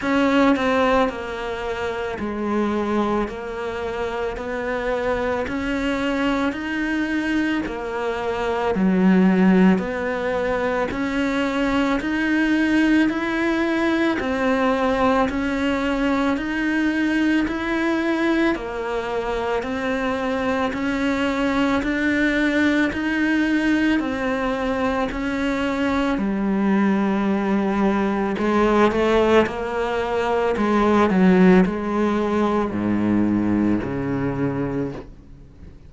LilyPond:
\new Staff \with { instrumentName = "cello" } { \time 4/4 \tempo 4 = 55 cis'8 c'8 ais4 gis4 ais4 | b4 cis'4 dis'4 ais4 | fis4 b4 cis'4 dis'4 | e'4 c'4 cis'4 dis'4 |
e'4 ais4 c'4 cis'4 | d'4 dis'4 c'4 cis'4 | g2 gis8 a8 ais4 | gis8 fis8 gis4 gis,4 cis4 | }